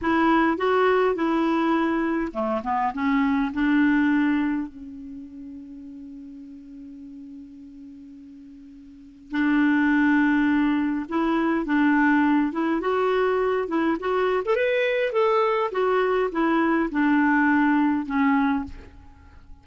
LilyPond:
\new Staff \with { instrumentName = "clarinet" } { \time 4/4 \tempo 4 = 103 e'4 fis'4 e'2 | a8 b8 cis'4 d'2 | cis'1~ | cis'1 |
d'2. e'4 | d'4. e'8 fis'4. e'8 | fis'8. a'16 b'4 a'4 fis'4 | e'4 d'2 cis'4 | }